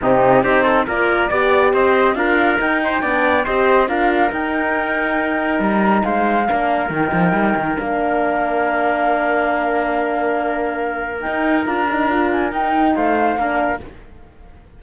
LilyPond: <<
  \new Staff \with { instrumentName = "flute" } { \time 4/4 \tempo 4 = 139 g'4 c''4 d''2 | dis''4 f''4 g''2 | dis''4 f''4 g''2~ | g''4 ais''4 f''2 |
g''2 f''2~ | f''1~ | f''2 g''4 ais''4~ | ais''8 gis''8 g''4 f''2 | }
  \new Staff \with { instrumentName = "trumpet" } { \time 4/4 dis'4 g'8 a'8 ais'4 d''4 | c''4 ais'4. c''8 d''4 | c''4 ais'2.~ | ais'2 c''4 ais'4~ |
ais'1~ | ais'1~ | ais'1~ | ais'2 c''4 ais'4 | }
  \new Staff \with { instrumentName = "horn" } { \time 4/4 c'4 dis'4 f'4 g'4~ | g'4 f'4 dis'4 d'4 | g'4 f'4 dis'2~ | dis'2. d'4 |
dis'2 d'2~ | d'1~ | d'2 dis'4 f'8 dis'8 | f'4 dis'2 d'4 | }
  \new Staff \with { instrumentName = "cello" } { \time 4/4 c4 c'4 ais4 b4 | c'4 d'4 dis'4 b4 | c'4 d'4 dis'2~ | dis'4 g4 gis4 ais4 |
dis8 f8 g8 dis8 ais2~ | ais1~ | ais2 dis'4 d'4~ | d'4 dis'4 a4 ais4 | }
>>